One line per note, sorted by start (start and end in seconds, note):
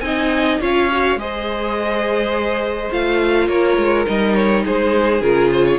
0.00 0.59 C4
0.00 0.61 D#4
0.00 0.61 D#5
0.00 0.58 G#5
0.61 1.16 C#4
0.61 0.90 F4
0.61 1.19 C#5
0.61 1.20 F5
0.92 1.19 F#4
1.16 2.89 G#3
1.16 2.91 G#4
1.16 3.48 C5
1.16 2.93 D#5
2.91 3.49 A3
2.91 4.06 F4
2.91 3.48 F5
3.48 3.77 A#3
3.48 4.64 A#4
3.48 4.06 C#5
3.77 4.06 G#3
4.06 4.67 G3
4.06 5.22 D#4
4.06 4.35 D#5
4.35 4.64 C#5
4.65 5.21 G#3
4.65 5.79 G#4
4.65 5.22 C5
5.21 5.79 C#3
5.21 5.79 F4
5.21 5.51 A#4
5.53 5.66 C5
5.66 5.79 C#5